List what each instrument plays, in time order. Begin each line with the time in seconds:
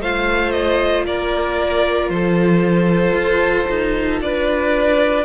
0.00 cello A3, viola F4, violin C5 F5
0.52 violin D#5
1.05 cello A#3, violin A#4 D5
2.09 cello F3, violin A4 C5
3.13 cello F4
3.70 cello D#4
4.22 cello D4, violin B4 D5